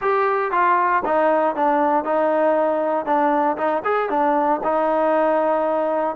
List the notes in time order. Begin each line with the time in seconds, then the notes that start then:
0.01 G4
0.51 F4
1.05 D#4
1.55 D4
2.04 D#4
3.05 D4
3.57 D#4
3.84 G#4
4.09 D4
4.63 D#4